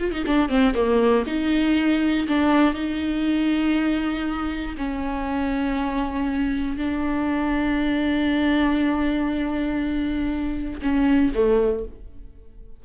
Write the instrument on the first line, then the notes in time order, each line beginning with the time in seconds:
viola
0.00 F4
0.12 D#4
0.27 D4
0.49 C4
0.75 A#3
1.27 D#4
2.28 D4
2.75 D#4
4.78 C#4
6.77 D4
10.82 C#4
11.35 A3